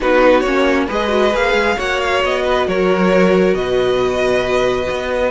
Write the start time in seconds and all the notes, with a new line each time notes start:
0.00 B3 D#4 F#4 B4
0.40 A#3 C#4 C#5
0.86 G#3 G#4 B4 D#5
1.08 F#4
1.33 A#3 G#4 F5
1.53 G#3
1.76 A#3 F#4 C#5 F#5
2.00 F5
2.23 B3 D#5
2.44 B4
2.67 F#3 A#4 C#5
3.54 B2 B4 D#5
4.90 B3